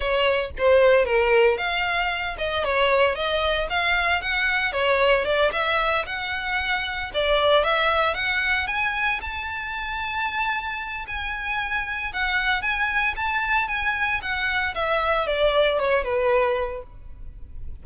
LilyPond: \new Staff \with { instrumentName = "violin" } { \time 4/4 \tempo 4 = 114 cis''4 c''4 ais'4 f''4~ | f''8 dis''8 cis''4 dis''4 f''4 | fis''4 cis''4 d''8 e''4 fis''8~ | fis''4. d''4 e''4 fis''8~ |
fis''8 gis''4 a''2~ a''8~ | a''4 gis''2 fis''4 | gis''4 a''4 gis''4 fis''4 | e''4 d''4 cis''8 b'4. | }